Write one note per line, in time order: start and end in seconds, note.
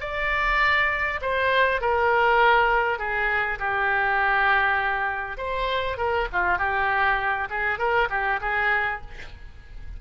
0.00 1.20 D5
1.21 1.81 C5
1.81 2.98 A#4
2.98 3.58 G#4
3.59 5.37 G4
5.37 5.97 C5
5.97 6.27 A#4
6.32 6.58 F4
6.58 7.48 G4
7.50 7.78 G#4
7.78 8.08 A#4
8.09 8.39 G4
8.41 9.01 G#4